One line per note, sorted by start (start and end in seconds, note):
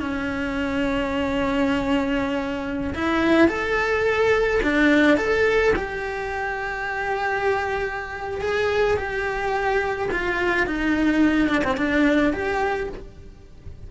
0.00 2.94 C#4
2.95 3.48 E4
3.48 4.61 A4
4.63 5.18 D4
5.18 5.74 A4
5.76 8.42 G4
8.42 8.97 G#4
8.97 10.09 G4
10.12 10.67 F4
10.67 11.49 D#4
11.49 11.63 D4
11.65 11.77 C4
11.77 12.33 D4
12.34 12.90 G4